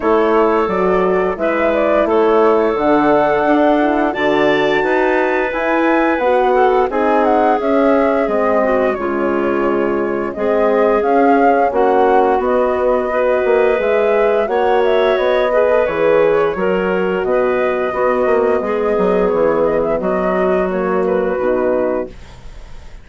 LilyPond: <<
  \new Staff \with { instrumentName = "flute" } { \time 4/4 \tempo 4 = 87 cis''4 d''4 e''8 d''8 cis''4 | fis''2 a''2 | gis''4 fis''4 gis''8 fis''8 e''4 | dis''4 cis''2 dis''4 |
f''4 fis''4 dis''2 | e''4 fis''8 e''8 dis''4 cis''4~ | cis''4 dis''2. | cis''8 dis''16 e''16 dis''4 cis''8 b'4. | }
  \new Staff \with { instrumentName = "clarinet" } { \time 4/4 a'2 b'4 a'4~ | a'2 d''4 b'4~ | b'4. a'8 gis'2~ | gis'8 fis'8 f'2 gis'4~ |
gis'4 fis'2 b'4~ | b'4 cis''4. b'4. | ais'4 b'4 fis'4 gis'4~ | gis'4 fis'2. | }
  \new Staff \with { instrumentName = "horn" } { \time 4/4 e'4 fis'4 e'2 | d'4. e'8 fis'2 | e'4 fis'4 dis'4 cis'4 | c'4 gis2 c'4 |
cis'2 b4 fis'4 | gis'4 fis'4. gis'16 a'16 gis'4 | fis'2 b2~ | b2 ais4 dis'4 | }
  \new Staff \with { instrumentName = "bassoon" } { \time 4/4 a4 fis4 gis4 a4 | d4 d'4 d4 dis'4 | e'4 b4 c'4 cis'4 | gis4 cis2 gis4 |
cis'4 ais4 b4. ais8 | gis4 ais4 b4 e4 | fis4 b,4 b8 ais8 gis8 fis8 | e4 fis2 b,4 | }
>>